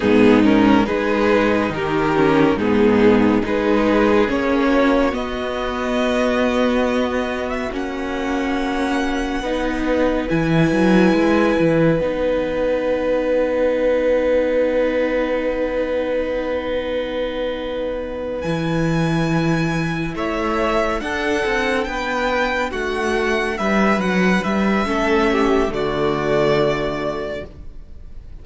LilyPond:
<<
  \new Staff \with { instrumentName = "violin" } { \time 4/4 \tempo 4 = 70 gis'8 ais'8 b'4 ais'4 gis'4 | b'4 cis''4 dis''2~ | dis''8. e''16 fis''2. | gis''2 fis''2~ |
fis''1~ | fis''4. gis''2 e''8~ | e''8 fis''4 g''4 fis''4 e''8 | fis''8 e''4. d''2 | }
  \new Staff \with { instrumentName = "violin" } { \time 4/4 dis'4 gis'4 g'4 dis'4 | gis'4. fis'2~ fis'8~ | fis'2. b'4~ | b'1~ |
b'1~ | b'2.~ b'8 cis''8~ | cis''8 a'4 b'4 fis'4 b'8~ | b'4 a'8 g'8 fis'2 | }
  \new Staff \with { instrumentName = "viola" } { \time 4/4 b8 cis'8 dis'4. cis'8 b4 | dis'4 cis'4 b2~ | b4 cis'2 dis'4 | e'2 dis'2~ |
dis'1~ | dis'4. e'2~ e'8~ | e'8 d'2.~ d'8~ | d'4 cis'4 a2 | }
  \new Staff \with { instrumentName = "cello" } { \time 4/4 gis,4 gis4 dis4 gis,4 | gis4 ais4 b2~ | b4 ais2 b4 | e8 fis8 gis8 e8 b2~ |
b1~ | b4. e2 a8~ | a8 d'8 c'8 b4 a4 g8 | fis8 g8 a4 d2 | }
>>